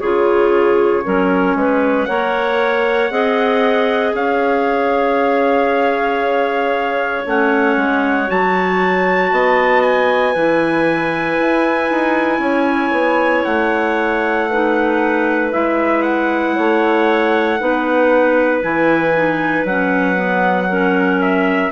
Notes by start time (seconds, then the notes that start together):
0.00 C#3 F4 G#4 C#5
1.04 F#3 C#4 A#4
1.55 G#3 B4
2.05 A#3 A#4 C#5 F#5
3.11 C4 G#4 D#5
4.14 C#4 C#5 F5
7.25 A3 C#4 F#5
7.77 G#3
8.27 F#3 F#4 A5
9.32 B3 D#5
9.82 G#5
10.33 E3 E4 B4
11.40 E4
11.91 D#4
12.39 C#4 C#5
12.92 B3
13.44 A3 F#5
14.50 D#4 B4
15.52 G#3 E4 E5
16.03 F#5
16.56 A3 C#5
17.59 B3 D#4 B4
18.62 E3 E4 G#5
19.14 D#4
19.64 F#3 C#4 F#5
20.16 B3
20.70 C#4 A#4
21.22 E5